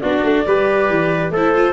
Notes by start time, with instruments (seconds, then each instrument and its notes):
0.00 tuba B3, viola D4, trumpet F#4, clarinet D5
0.22 tuba A3
0.46 tuba G3, viola G4, trumpet B4
0.89 tuba E3
1.30 tuba A3, trumpet A4, clarinet C5
1.36 viola E4
1.55 viola F4